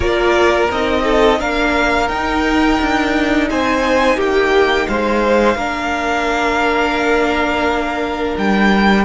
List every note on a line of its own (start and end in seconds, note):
0.00 0.69 A#3
0.00 0.69 F4
0.00 1.01 A#4
0.00 0.70 D5
0.70 1.40 C4
0.70 1.39 D#4
0.70 1.40 D#5
1.03 1.38 A4
1.39 2.09 A#3
1.39 2.08 D4
1.39 3.49 A#4
1.39 2.08 F5
2.08 5.57 D#4
2.08 2.79 D#4
2.08 3.48 G5
2.81 3.50 D4
3.50 4.16 C4
3.50 4.16 C5
3.50 4.20 G#5
4.16 4.86 A#3
4.16 4.86 G4
4.16 4.87 G5
4.87 5.55 G#3
4.87 5.57 C5
4.87 8.36 F5
5.55 8.34 A#3
5.55 9.05 D4
5.55 9.05 A#4
8.37 9.05 G3
8.37 9.05 G5